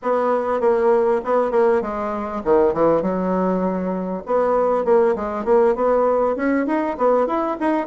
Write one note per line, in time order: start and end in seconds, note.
0.02 0.60 B3
0.60 1.21 A#3
1.24 1.51 B3
1.51 1.81 A#3
1.81 2.42 G#3
2.44 2.73 D#3
2.73 3.02 E3
3.02 4.23 F#3
4.26 4.84 B3
4.84 5.15 A#3
5.15 5.45 G#3
5.45 5.75 A#3
5.75 6.36 B3
6.36 6.66 C#4
6.66 6.96 D#4
6.97 7.26 B3
7.26 7.57 E4
7.60 7.87 D#4